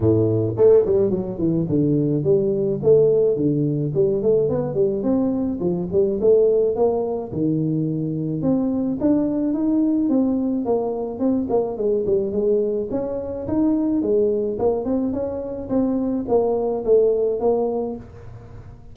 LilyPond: \new Staff \with { instrumentName = "tuba" } { \time 4/4 \tempo 4 = 107 a,4 a8 g8 fis8 e8 d4 | g4 a4 d4 g8 a8 | b8 g8 c'4 f8 g8 a4 | ais4 dis2 c'4 |
d'4 dis'4 c'4 ais4 | c'8 ais8 gis8 g8 gis4 cis'4 | dis'4 gis4 ais8 c'8 cis'4 | c'4 ais4 a4 ais4 | }